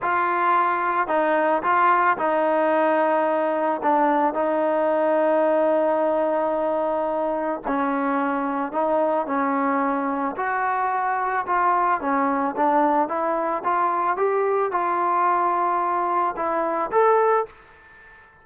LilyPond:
\new Staff \with { instrumentName = "trombone" } { \time 4/4 \tempo 4 = 110 f'2 dis'4 f'4 | dis'2. d'4 | dis'1~ | dis'2 cis'2 |
dis'4 cis'2 fis'4~ | fis'4 f'4 cis'4 d'4 | e'4 f'4 g'4 f'4~ | f'2 e'4 a'4 | }